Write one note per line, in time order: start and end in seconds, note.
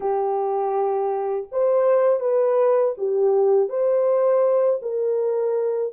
0.00 1.46 G4
1.51 2.20 C5
2.20 2.94 B4
2.97 3.69 G4
3.69 4.80 C5
4.81 5.93 A#4